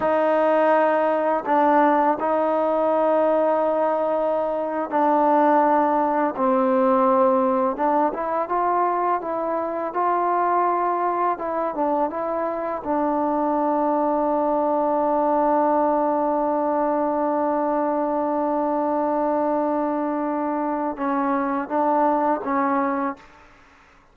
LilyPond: \new Staff \with { instrumentName = "trombone" } { \time 4/4 \tempo 4 = 83 dis'2 d'4 dis'4~ | dis'2~ dis'8. d'4~ d'16~ | d'8. c'2 d'8 e'8 f'16~ | f'8. e'4 f'2 e'16~ |
e'16 d'8 e'4 d'2~ d'16~ | d'1~ | d'1~ | d'4 cis'4 d'4 cis'4 | }